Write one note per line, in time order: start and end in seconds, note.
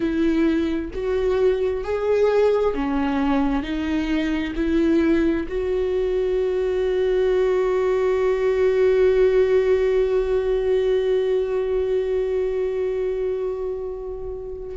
0.00 0.91 E4
0.93 1.84 F#4
1.84 2.74 G#4
2.74 3.62 C#4
3.62 4.53 D#4
4.55 5.46 E4
5.48 14.77 F#4